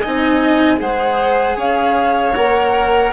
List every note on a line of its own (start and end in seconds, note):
0.00 0.77 D#4
0.00 0.79 D#5
0.00 0.78 G#5
0.07 0.81 C4
0.77 1.56 G#3
0.77 2.33 G#4
0.77 1.57 C5
0.77 1.58 F#5
1.56 2.34 C#4
1.56 3.12 C#5
1.56 2.35 F5
2.35 3.13 A#3
2.35 3.13 A#4
2.35 3.12 F#5